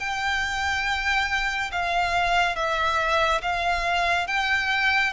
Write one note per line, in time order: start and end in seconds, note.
0.00 1.71 G5
1.72 2.56 F5
2.56 3.42 E5
3.42 4.28 F5
4.28 5.14 G5